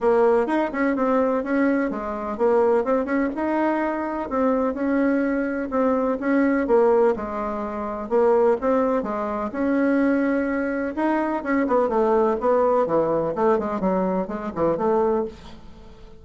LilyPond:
\new Staff \with { instrumentName = "bassoon" } { \time 4/4 \tempo 4 = 126 ais4 dis'8 cis'8 c'4 cis'4 | gis4 ais4 c'8 cis'8 dis'4~ | dis'4 c'4 cis'2 | c'4 cis'4 ais4 gis4~ |
gis4 ais4 c'4 gis4 | cis'2. dis'4 | cis'8 b8 a4 b4 e4 | a8 gis8 fis4 gis8 e8 a4 | }